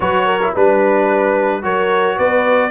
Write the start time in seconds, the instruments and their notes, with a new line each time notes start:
0.00 tuba F#3, trombone F#4, horn B4, trumpet C#5
0.25 horn A#4
0.42 trombone E4
0.53 tuba G3, trombone D4, horn B4, trumpet B4
1.62 tuba F#3, trombone F#4, horn A#4, trumpet C#5
2.16 tuba B3, horn B4, trumpet D5